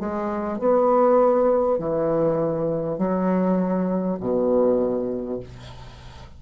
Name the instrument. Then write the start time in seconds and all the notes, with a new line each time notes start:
bassoon
0.00 G#3
0.59 B3
1.78 E3
2.98 F#3
4.20 B2